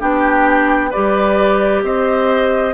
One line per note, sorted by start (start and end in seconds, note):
0.00 0.92 B3
0.00 0.91 D4
0.00 0.91 G4
0.00 0.92 G5
0.91 2.74 G4
0.91 1.81 B4
0.91 1.83 D5
0.97 1.84 G3
1.84 2.74 C4
1.84 2.74 C5
1.84 2.74 D#5